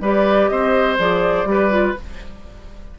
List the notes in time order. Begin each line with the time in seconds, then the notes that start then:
0.00 G3 G4 B4 D5
0.48 C4 C5 D#5
0.98 F3 G#4 D5
1.44 G3 G4 B4
1.70 F4